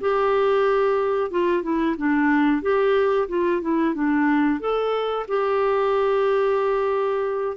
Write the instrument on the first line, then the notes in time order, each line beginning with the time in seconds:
clarinet
0.00 G4
1.31 F4
1.62 E4
1.97 D4
2.62 G4
3.28 F4
3.61 E4
3.94 D4
4.60 A4
5.27 G4